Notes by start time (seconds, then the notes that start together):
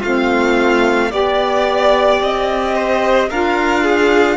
0.00 A3 C4 F4 F5
1.11 B3 G4 D5
2.21 C4 D#5
2.75 C5
3.30 D4 F4 A#4 F5
3.84 G#4